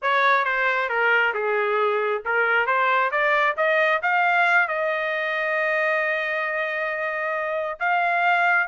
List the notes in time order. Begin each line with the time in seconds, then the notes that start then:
0.02 C#5
0.44 C5
0.89 A#4
1.34 G#4
2.25 A#4
2.66 C5
3.11 D5
3.56 D#5
4.02 F5
4.67 D#5
7.79 F5